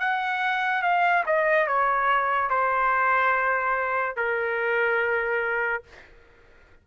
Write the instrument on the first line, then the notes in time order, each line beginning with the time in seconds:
trumpet
0.00 F#5
0.83 F5
1.27 D#5
1.67 C#5
2.50 C5
4.17 A#4